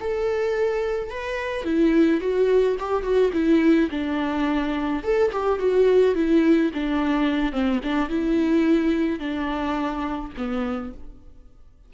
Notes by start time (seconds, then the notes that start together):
0.00 A4
1.10 B4
1.64 E4
2.20 F#4
2.79 G4
3.03 F#4
3.33 E4
3.90 D4
5.03 A4
5.32 G4
5.59 F#4
6.15 E4
6.74 D4
7.52 C4
7.83 D4
8.09 E4
9.19 D4
10.37 B3